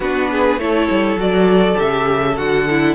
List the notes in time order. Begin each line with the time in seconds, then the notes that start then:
0.00 B3 D4 F#4 B4
0.31 G#4
0.57 A3 E4 A4 C#5
0.90 G3
1.16 F#3 F#4 D5
1.74 C#3 G4 E5
2.36 D3 F#4 F#5
2.70 E4